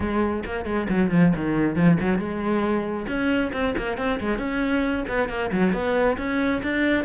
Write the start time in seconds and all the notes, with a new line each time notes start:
0.00 G#3
0.45 A#3
0.65 G#3
0.89 F#3
1.10 F3
1.35 D#3
1.75 F3
2.00 F#3
2.18 G#3
3.07 C#4
3.52 C4
3.77 A#3
3.97 C4
4.20 G#3
4.38 C#4
5.08 B3
5.28 A#3
5.51 F#3
5.72 B3
6.17 C#4
6.62 D4